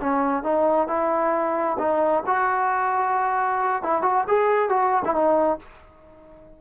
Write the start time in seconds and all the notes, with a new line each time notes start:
0.00 C#4
0.43 D#4
0.87 E4
1.78 D#4
2.26 F#4
3.82 E4
4.02 F#4
4.27 G#4
4.69 F#4
5.05 E4
5.14 D#4